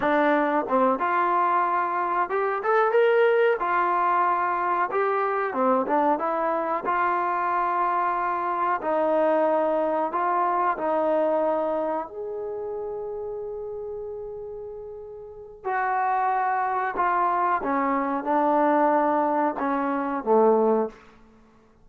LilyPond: \new Staff \with { instrumentName = "trombone" } { \time 4/4 \tempo 4 = 92 d'4 c'8 f'2 g'8 | a'8 ais'4 f'2 g'8~ | g'8 c'8 d'8 e'4 f'4.~ | f'4. dis'2 f'8~ |
f'8 dis'2 gis'4.~ | gis'1 | fis'2 f'4 cis'4 | d'2 cis'4 a4 | }